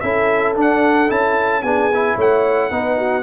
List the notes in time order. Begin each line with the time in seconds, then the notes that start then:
0.00 C#4 E4 A4 E5
0.55 D4 F#5
1.08 C#4 E4 A5
1.63 B3 D4 G#4 G#5
1.94 E4
2.16 A3 C#5 F#5
2.71 B3 D#4 B4
2.98 F#4